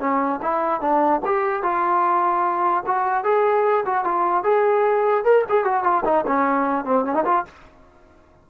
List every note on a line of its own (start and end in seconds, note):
0.00 0.40 C#4
0.42 0.81 E4
0.81 1.21 D4
1.26 1.63 G4
1.63 2.84 F4
2.87 3.24 F#4
3.24 3.85 G#4
3.86 4.05 F#4
4.05 4.44 F4
4.44 5.25 G#4
5.25 5.45 A#4
5.50 5.65 G#4
5.65 5.84 F#4
5.84 6.04 F4
6.05 6.25 D#4
6.27 6.85 C#4
6.85 7.05 C4
7.05 7.15 C#4
7.15 7.25 D#4
7.25 7.45 F4